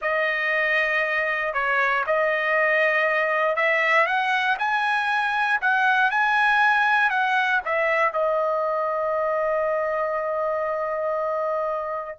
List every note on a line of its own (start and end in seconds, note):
0.01 1.53 D#5
1.53 2.04 C#5
2.06 3.56 D#5
3.56 4.06 E5
4.06 4.57 F#5
4.58 5.60 G#5
5.61 6.11 F#5
6.11 7.10 G#5
7.10 7.60 F#5
7.65 8.12 E5
8.12 12.18 D#5